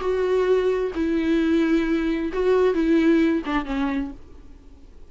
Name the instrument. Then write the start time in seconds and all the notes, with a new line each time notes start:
viola
0.00 F#4
0.95 E4
2.33 F#4
2.74 E4
3.46 D4
3.65 C#4